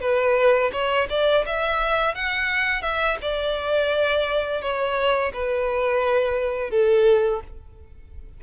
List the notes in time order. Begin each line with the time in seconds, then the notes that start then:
0.00 B4
0.73 C#5
1.09 D5
1.46 E5
2.15 F#5
2.82 E5
3.21 D5
4.61 C#5
5.33 B4
6.70 A4